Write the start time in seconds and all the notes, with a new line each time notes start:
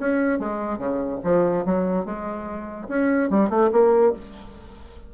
0.00 C#4
0.40 G#3
0.79 C#3
1.24 F3
1.66 F#3
2.06 G#3
2.89 C#4
3.31 G3
3.50 A3
3.72 A#3